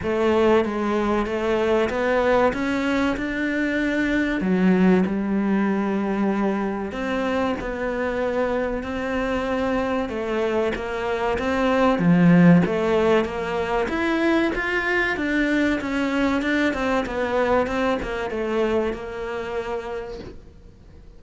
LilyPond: \new Staff \with { instrumentName = "cello" } { \time 4/4 \tempo 4 = 95 a4 gis4 a4 b4 | cis'4 d'2 fis4 | g2. c'4 | b2 c'2 |
a4 ais4 c'4 f4 | a4 ais4 e'4 f'4 | d'4 cis'4 d'8 c'8 b4 | c'8 ais8 a4 ais2 | }